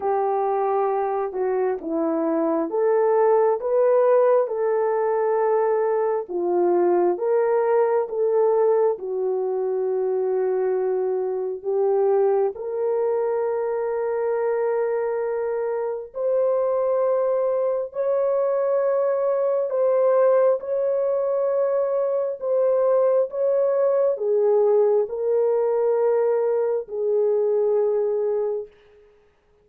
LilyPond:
\new Staff \with { instrumentName = "horn" } { \time 4/4 \tempo 4 = 67 g'4. fis'8 e'4 a'4 | b'4 a'2 f'4 | ais'4 a'4 fis'2~ | fis'4 g'4 ais'2~ |
ais'2 c''2 | cis''2 c''4 cis''4~ | cis''4 c''4 cis''4 gis'4 | ais'2 gis'2 | }